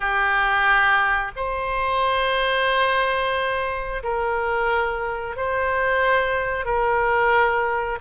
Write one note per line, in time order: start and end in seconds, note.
0.00 1.31 G4
1.36 4.02 C5
4.03 5.36 A#4
5.36 6.65 C5
6.65 7.98 A#4